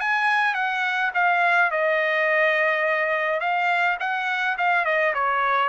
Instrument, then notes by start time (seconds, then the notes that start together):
trumpet
0.00 G#5
0.54 F#5
1.14 F5
1.71 D#5
3.40 F5
4.00 F#5
4.58 F5
4.85 D#5
5.14 C#5